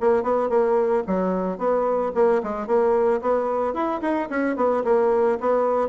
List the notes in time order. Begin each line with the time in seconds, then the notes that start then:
0.00 A#3
0.23 B3
0.49 A#3
1.07 F#3
1.58 B3
2.15 A#3
2.43 G#3
2.67 A#3
3.21 B3
3.74 E4
4.01 D#4
4.30 C#4
4.56 B3
4.84 A#3
5.40 B3